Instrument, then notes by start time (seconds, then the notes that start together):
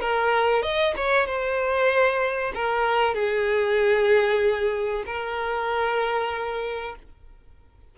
violin
0.00 A#4
0.62 D#5
0.96 C#5
1.26 C5
2.54 A#4
3.14 G#4
5.06 A#4